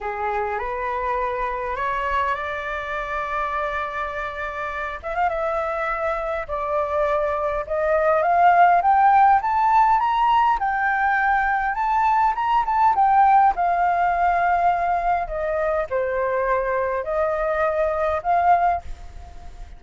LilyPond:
\new Staff \with { instrumentName = "flute" } { \time 4/4 \tempo 4 = 102 gis'4 b'2 cis''4 | d''1~ | d''8 e''16 f''16 e''2 d''4~ | d''4 dis''4 f''4 g''4 |
a''4 ais''4 g''2 | a''4 ais''8 a''8 g''4 f''4~ | f''2 dis''4 c''4~ | c''4 dis''2 f''4 | }